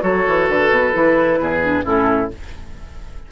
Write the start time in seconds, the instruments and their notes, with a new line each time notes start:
0.00 bassoon F#3, clarinet F#4, oboe A4, flute C#5
0.27 bassoon E3
0.49 bassoon D3, flute B4
0.70 bassoon B2
0.93 bassoon E3, clarinet E4
1.39 bassoon E2, oboe G#4
1.61 clarinet D4
1.83 bassoon A2, clarinet C#4, oboe E4, flute A4